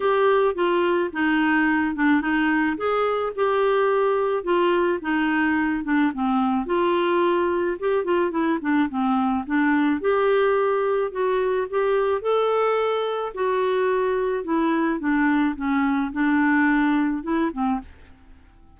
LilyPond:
\new Staff \with { instrumentName = "clarinet" } { \time 4/4 \tempo 4 = 108 g'4 f'4 dis'4. d'8 | dis'4 gis'4 g'2 | f'4 dis'4. d'8 c'4 | f'2 g'8 f'8 e'8 d'8 |
c'4 d'4 g'2 | fis'4 g'4 a'2 | fis'2 e'4 d'4 | cis'4 d'2 e'8 c'8 | }